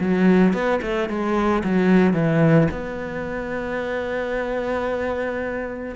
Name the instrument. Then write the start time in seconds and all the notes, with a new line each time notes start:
cello
0.00 F#3
0.53 B3
0.82 A3
1.09 G#3
1.64 F#3
2.14 E3
2.71 B3